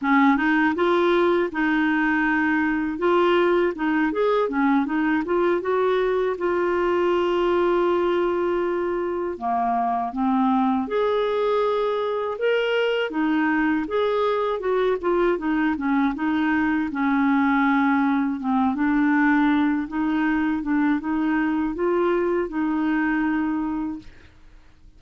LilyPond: \new Staff \with { instrumentName = "clarinet" } { \time 4/4 \tempo 4 = 80 cis'8 dis'8 f'4 dis'2 | f'4 dis'8 gis'8 cis'8 dis'8 f'8 fis'8~ | fis'8 f'2.~ f'8~ | f'8 ais4 c'4 gis'4.~ |
gis'8 ais'4 dis'4 gis'4 fis'8 | f'8 dis'8 cis'8 dis'4 cis'4.~ | cis'8 c'8 d'4. dis'4 d'8 | dis'4 f'4 dis'2 | }